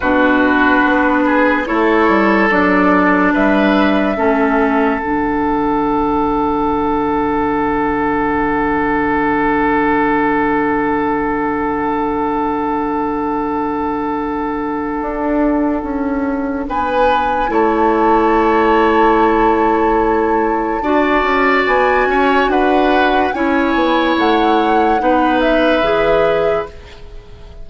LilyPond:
<<
  \new Staff \with { instrumentName = "flute" } { \time 4/4 \tempo 4 = 72 b'2 cis''4 d''4 | e''2 fis''2~ | fis''1~ | fis''1~ |
fis''1 | gis''4 a''2.~ | a''2 gis''4 fis''4 | gis''4 fis''4. e''4. | }
  \new Staff \with { instrumentName = "oboe" } { \time 4/4 fis'4. gis'8 a'2 | b'4 a'2.~ | a'1~ | a'1~ |
a'1 | b'4 cis''2.~ | cis''4 d''4. cis''8 b'4 | cis''2 b'2 | }
  \new Staff \with { instrumentName = "clarinet" } { \time 4/4 d'2 e'4 d'4~ | d'4 cis'4 d'2~ | d'1~ | d'1~ |
d'1~ | d'4 e'2.~ | e'4 fis'2. | e'2 dis'4 gis'4 | }
  \new Staff \with { instrumentName = "bassoon" } { \time 4/4 b,4 b4 a8 g8 fis4 | g4 a4 d2~ | d1~ | d1~ |
d2 d'4 cis'4 | b4 a2.~ | a4 d'8 cis'8 b8 cis'8 d'4 | cis'8 b8 a4 b4 e4 | }
>>